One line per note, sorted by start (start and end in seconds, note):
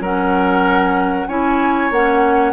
0.00 1.26 F#3
0.00 1.29 C#4
0.00 1.28 A#4
0.00 1.27 F#5
1.27 1.90 C#4
1.27 1.92 E4
1.27 2.53 C#5
1.27 1.91 G#5
1.90 2.53 A#3
1.90 2.53 C#4
1.90 2.53 F#5